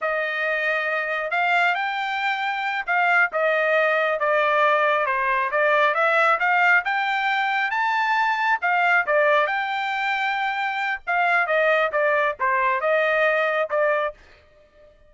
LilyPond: \new Staff \with { instrumentName = "trumpet" } { \time 4/4 \tempo 4 = 136 dis''2. f''4 | g''2~ g''8 f''4 dis''8~ | dis''4. d''2 c''8~ | c''8 d''4 e''4 f''4 g''8~ |
g''4. a''2 f''8~ | f''8 d''4 g''2~ g''8~ | g''4 f''4 dis''4 d''4 | c''4 dis''2 d''4 | }